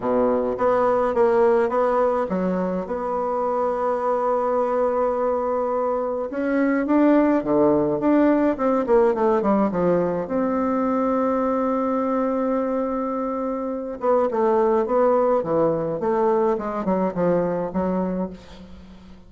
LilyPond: \new Staff \with { instrumentName = "bassoon" } { \time 4/4 \tempo 4 = 105 b,4 b4 ais4 b4 | fis4 b2.~ | b2. cis'4 | d'4 d4 d'4 c'8 ais8 |
a8 g8 f4 c'2~ | c'1~ | c'8 b8 a4 b4 e4 | a4 gis8 fis8 f4 fis4 | }